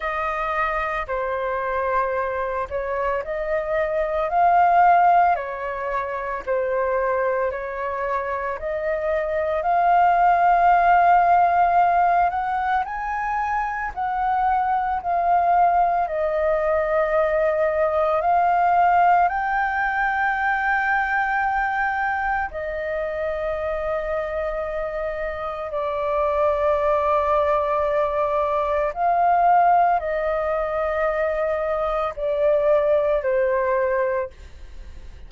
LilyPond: \new Staff \with { instrumentName = "flute" } { \time 4/4 \tempo 4 = 56 dis''4 c''4. cis''8 dis''4 | f''4 cis''4 c''4 cis''4 | dis''4 f''2~ f''8 fis''8 | gis''4 fis''4 f''4 dis''4~ |
dis''4 f''4 g''2~ | g''4 dis''2. | d''2. f''4 | dis''2 d''4 c''4 | }